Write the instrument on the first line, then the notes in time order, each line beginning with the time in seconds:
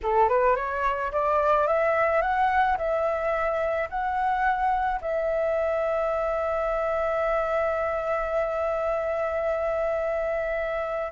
flute
0.03 A4
0.28 B4
0.56 C#5
1.11 D5
1.67 E5
2.21 F#5
2.77 E5
3.89 F#5
5.01 E5